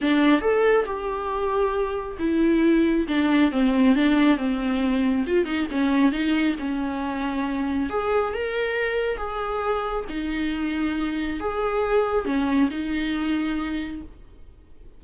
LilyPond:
\new Staff \with { instrumentName = "viola" } { \time 4/4 \tempo 4 = 137 d'4 a'4 g'2~ | g'4 e'2 d'4 | c'4 d'4 c'2 | f'8 dis'8 cis'4 dis'4 cis'4~ |
cis'2 gis'4 ais'4~ | ais'4 gis'2 dis'4~ | dis'2 gis'2 | cis'4 dis'2. | }